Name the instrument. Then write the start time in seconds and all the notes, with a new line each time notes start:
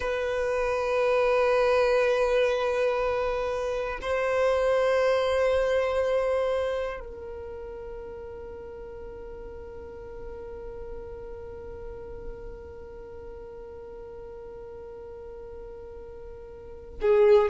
violin
0.00 B4
4.01 C5
7.00 A#4
17.01 G#4